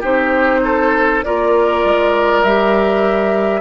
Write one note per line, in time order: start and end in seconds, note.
0.00 1.24 C4
0.00 1.23 D#4
0.00 0.60 G4
0.00 1.24 C5
0.65 1.25 A4
1.24 1.84 A#3
1.24 2.45 F4
1.24 3.61 A#4
1.24 2.43 D5
1.84 2.43 G#3
2.43 3.61 G3
2.43 3.61 G4
2.43 3.61 E5